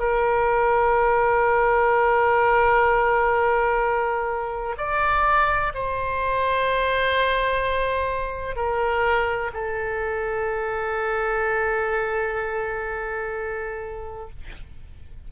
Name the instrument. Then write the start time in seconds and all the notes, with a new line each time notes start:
oboe
0.00 A#4
4.77 D5
5.75 C5
8.56 A#4
9.54 A4